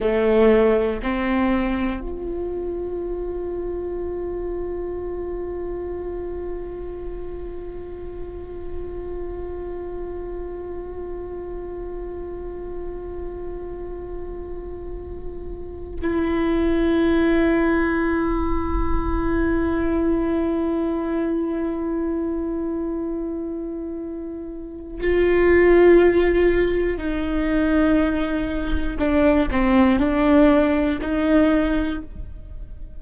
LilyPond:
\new Staff \with { instrumentName = "viola" } { \time 4/4 \tempo 4 = 60 a4 c'4 f'2~ | f'1~ | f'1~ | f'1 |
e'1~ | e'1~ | e'4 f'2 dis'4~ | dis'4 d'8 c'8 d'4 dis'4 | }